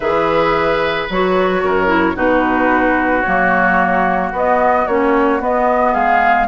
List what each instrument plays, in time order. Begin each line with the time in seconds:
0.00 bassoon E3, clarinet G#4, oboe B4, flute E5
1.09 bassoon F#3, clarinet F#4, flute C#5
1.63 bassoon F#2, oboe A#4
1.86 clarinet E4
2.14 bassoon B2, clarinet D#4, oboe F#4, flute B4
3.21 bassoon F#3, clarinet A#3, flute C#5
4.32 bassoon B3, clarinet B3, flute D#5
4.86 bassoon A#3, clarinet C#4, flute C#5
5.40 clarinet B3, bassoon B3, flute D#5
5.93 bassoon G#3, oboe G#4, flute F5